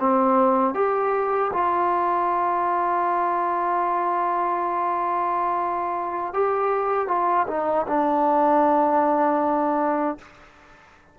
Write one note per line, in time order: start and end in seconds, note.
0.00 0.75 C4
0.75 1.52 G4
1.53 6.34 F4
6.34 7.08 G4
7.08 7.47 F4
7.48 7.87 D#4
7.88 10.19 D4